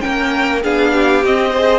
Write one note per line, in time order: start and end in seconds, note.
0.00 0.64 A#3
0.00 0.60 C#4
0.00 0.63 A#4
0.00 0.60 G5
0.63 1.23 B3
0.63 1.23 D4
0.63 0.92 G#4
0.63 1.24 F5
0.92 1.50 G4
1.23 1.79 C4
1.23 1.53 C4
1.23 1.79 D#5
1.50 1.79 G#4
1.50 1.79 C5